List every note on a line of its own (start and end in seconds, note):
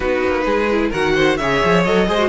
0.00 0.22 B3
0.00 0.68 D#4
0.00 0.43 F#4
0.00 0.91 B4
0.27 0.45 A#3
0.45 0.91 G#3
0.45 0.90 G#4
0.71 0.93 E4
0.90 1.39 D#3
0.90 1.39 F#4
0.90 1.13 A#4
0.90 1.37 F#5
1.15 1.38 C5
1.37 1.62 C#3
1.37 1.86 G#4
1.37 2.07 C#5
1.37 1.83 E5
1.64 1.85 F3
1.84 2.07 F#3
1.84 2.06 A4
1.84 2.29 D#5
2.06 2.29 G#3
2.06 2.18 G#4
2.06 2.29 C5
2.18 2.29 F#4